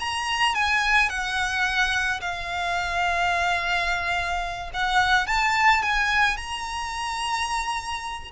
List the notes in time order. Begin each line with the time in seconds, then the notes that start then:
0.00 A#5
0.55 G#5
1.10 F#5
2.21 F5
4.74 F#5
5.27 A5
5.83 G#5
6.37 A#5